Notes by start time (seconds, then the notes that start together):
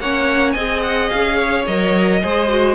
0.00 A#3 C#4 C#5 F#5
0.52 C4 G#4 D#5 G#5
0.83 F#5
1.09 C#4 F5
1.37 C#5
1.66 F#3 A#4 D#5
2.21 G#3 G#4 C5
2.49 F#4